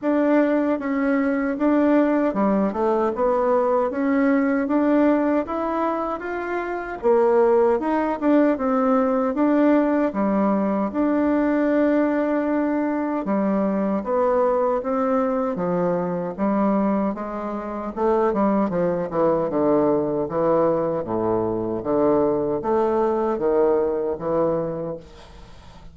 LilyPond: \new Staff \with { instrumentName = "bassoon" } { \time 4/4 \tempo 4 = 77 d'4 cis'4 d'4 g8 a8 | b4 cis'4 d'4 e'4 | f'4 ais4 dis'8 d'8 c'4 | d'4 g4 d'2~ |
d'4 g4 b4 c'4 | f4 g4 gis4 a8 g8 | f8 e8 d4 e4 a,4 | d4 a4 dis4 e4 | }